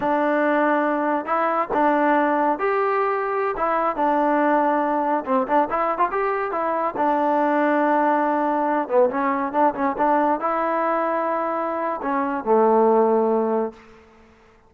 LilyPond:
\new Staff \with { instrumentName = "trombone" } { \time 4/4 \tempo 4 = 140 d'2. e'4 | d'2 g'2~ | g'16 e'4 d'2~ d'8.~ | d'16 c'8 d'8 e'8. f'16 g'4 e'8.~ |
e'16 d'2.~ d'8.~ | d'8. b8 cis'4 d'8 cis'8 d'8.~ | d'16 e'2.~ e'8. | cis'4 a2. | }